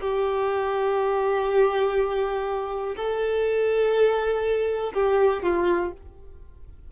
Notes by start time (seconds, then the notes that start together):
0.00 G4
2.96 A4
4.93 G4
5.42 F4